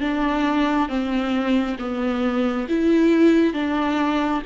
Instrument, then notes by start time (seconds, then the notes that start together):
viola
0.00 D4
0.88 C4
1.78 B3
2.68 E4
3.53 D4